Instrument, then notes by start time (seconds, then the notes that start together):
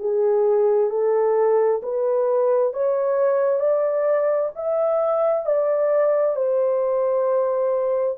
horn
0.00 G#4
0.90 A4
1.83 B4
2.74 C#5
3.60 D5
4.56 E5
5.46 D5
6.36 C5